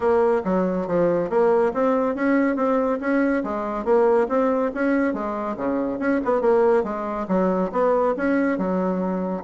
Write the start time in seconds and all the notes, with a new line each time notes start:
0.00 A#3
0.44 F#3
0.87 F3
1.29 A#3
1.73 C4
2.15 C#4
2.56 C4
3.00 C#4
3.43 G#3
3.85 A#3
4.28 C4
4.74 C#4
5.13 G#3
5.56 C#3
5.99 C#4
6.25 B3
6.41 A#3
6.83 G#3
7.27 F#3
7.72 B3
8.16 C#4
8.58 F#3